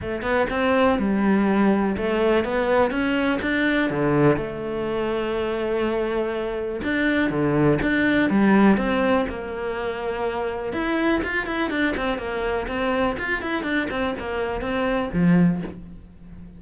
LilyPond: \new Staff \with { instrumentName = "cello" } { \time 4/4 \tempo 4 = 123 a8 b8 c'4 g2 | a4 b4 cis'4 d'4 | d4 a2.~ | a2 d'4 d4 |
d'4 g4 c'4 ais4~ | ais2 e'4 f'8 e'8 | d'8 c'8 ais4 c'4 f'8 e'8 | d'8 c'8 ais4 c'4 f4 | }